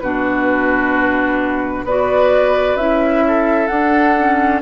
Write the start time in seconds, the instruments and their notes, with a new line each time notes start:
0.00 bassoon B2, clarinet D4, oboe F#4, flute B4
1.84 bassoon B3, clarinet F#4, oboe B4, flute D5
2.76 bassoon C#4, clarinet E4, flute E5
3.27 oboe A4
3.67 clarinet D4, bassoon D4, flute F#5
4.17 clarinet C#4